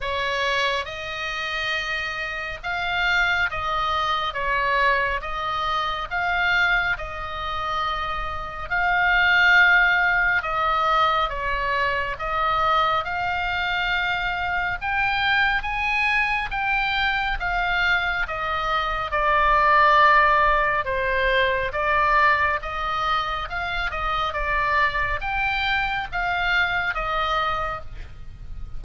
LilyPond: \new Staff \with { instrumentName = "oboe" } { \time 4/4 \tempo 4 = 69 cis''4 dis''2 f''4 | dis''4 cis''4 dis''4 f''4 | dis''2 f''2 | dis''4 cis''4 dis''4 f''4~ |
f''4 g''4 gis''4 g''4 | f''4 dis''4 d''2 | c''4 d''4 dis''4 f''8 dis''8 | d''4 g''4 f''4 dis''4 | }